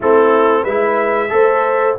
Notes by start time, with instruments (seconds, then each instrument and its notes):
0.00 tuba A3, trombone C4, horn E4, trumpet A4
0.61 tuba G#3, horn B4, trumpet E5
0.68 trombone E4
1.29 tuba A3, trombone A4, horn C5